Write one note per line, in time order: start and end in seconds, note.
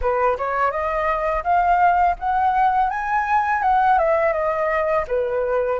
0.01 0.37 B4
0.37 0.71 C#5
0.71 1.43 D#5
1.43 2.16 F5
2.19 2.90 F#5
2.90 3.62 G#5
3.62 3.98 F#5
3.98 4.32 E5
4.32 5.04 D#5
5.07 5.79 B4